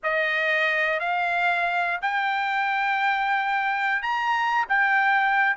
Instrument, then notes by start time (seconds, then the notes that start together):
trumpet
0.03 D#5
0.99 F5
2.01 G5
4.02 A#5
4.68 G5